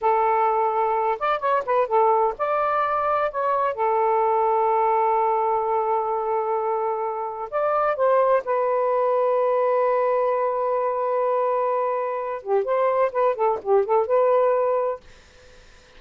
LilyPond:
\new Staff \with { instrumentName = "saxophone" } { \time 4/4 \tempo 4 = 128 a'2~ a'8 d''8 cis''8 b'8 | a'4 d''2 cis''4 | a'1~ | a'1 |
d''4 c''4 b'2~ | b'1~ | b'2~ b'8 g'8 c''4 | b'8 a'8 g'8 a'8 b'2 | }